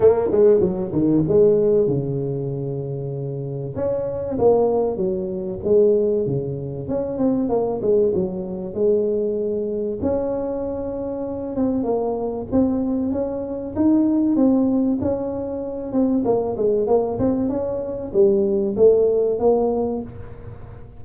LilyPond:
\new Staff \with { instrumentName = "tuba" } { \time 4/4 \tempo 4 = 96 ais8 gis8 fis8 dis8 gis4 cis4~ | cis2 cis'4 ais4 | fis4 gis4 cis4 cis'8 c'8 | ais8 gis8 fis4 gis2 |
cis'2~ cis'8 c'8 ais4 | c'4 cis'4 dis'4 c'4 | cis'4. c'8 ais8 gis8 ais8 c'8 | cis'4 g4 a4 ais4 | }